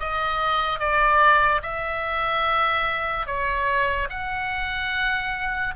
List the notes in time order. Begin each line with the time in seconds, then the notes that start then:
0.00 D#5
0.80 D5
1.63 E5
3.27 C#5
4.10 F#5